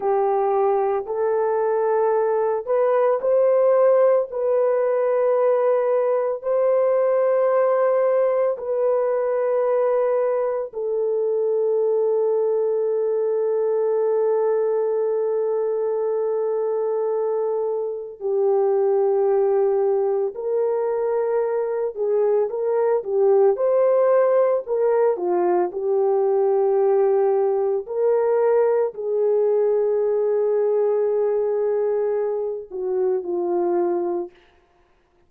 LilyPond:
\new Staff \with { instrumentName = "horn" } { \time 4/4 \tempo 4 = 56 g'4 a'4. b'8 c''4 | b'2 c''2 | b'2 a'2~ | a'1~ |
a'4 g'2 ais'4~ | ais'8 gis'8 ais'8 g'8 c''4 ais'8 f'8 | g'2 ais'4 gis'4~ | gis'2~ gis'8 fis'8 f'4 | }